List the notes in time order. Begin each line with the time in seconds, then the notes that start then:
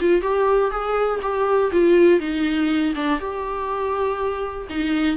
0.00 F4
0.21 G4
0.71 G#4
1.22 G4
1.72 F4
2.20 D#4
2.95 D4
3.19 G4
4.69 D#4